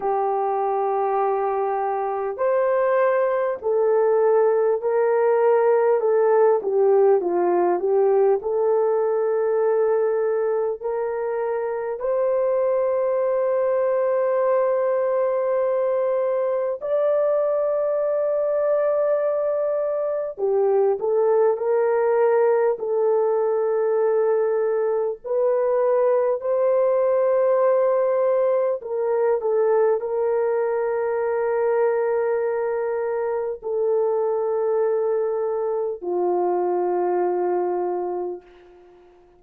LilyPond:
\new Staff \with { instrumentName = "horn" } { \time 4/4 \tempo 4 = 50 g'2 c''4 a'4 | ais'4 a'8 g'8 f'8 g'8 a'4~ | a'4 ais'4 c''2~ | c''2 d''2~ |
d''4 g'8 a'8 ais'4 a'4~ | a'4 b'4 c''2 | ais'8 a'8 ais'2. | a'2 f'2 | }